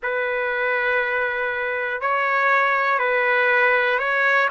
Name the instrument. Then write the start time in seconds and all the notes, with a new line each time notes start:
trumpet
0.03 B4
2.00 C#5
2.98 B4
3.99 C#5